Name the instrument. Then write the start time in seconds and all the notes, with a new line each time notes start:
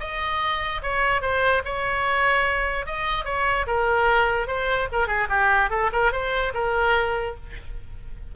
oboe
0.00 D#5
0.83 C#5
1.22 C5
1.65 C#5
2.86 D#5
3.25 C#5
3.67 A#4
4.47 C5
4.92 A#4
5.07 G#4
5.29 G4
5.70 A4
5.92 A#4
6.12 C5
6.54 A#4